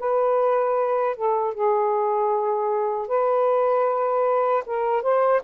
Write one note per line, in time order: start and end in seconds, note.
0.00 1.17 B4
1.17 1.54 A4
1.54 3.08 G#4
3.08 4.64 B4
4.66 5.03 A#4
5.03 5.42 C5